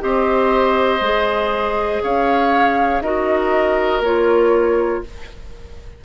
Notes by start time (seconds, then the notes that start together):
0.00 C4 G4 C5 D#5
1.01 G#3 G#4
2.03 C#4 C#5 F5
3.01 D#4 F#4 A#4 D#5
4.00 A#3 F4 C#5